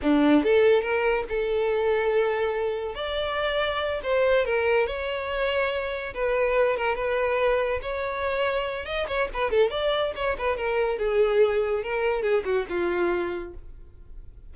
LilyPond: \new Staff \with { instrumentName = "violin" } { \time 4/4 \tempo 4 = 142 d'4 a'4 ais'4 a'4~ | a'2. d''4~ | d''4. c''4 ais'4 cis''8~ | cis''2~ cis''8 b'4. |
ais'8 b'2 cis''4.~ | cis''4 dis''8 cis''8 b'8 a'8 d''4 | cis''8 b'8 ais'4 gis'2 | ais'4 gis'8 fis'8 f'2 | }